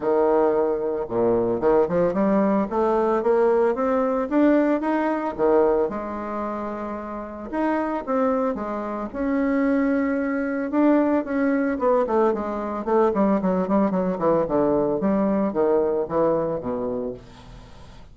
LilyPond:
\new Staff \with { instrumentName = "bassoon" } { \time 4/4 \tempo 4 = 112 dis2 ais,4 dis8 f8 | g4 a4 ais4 c'4 | d'4 dis'4 dis4 gis4~ | gis2 dis'4 c'4 |
gis4 cis'2. | d'4 cis'4 b8 a8 gis4 | a8 g8 fis8 g8 fis8 e8 d4 | g4 dis4 e4 b,4 | }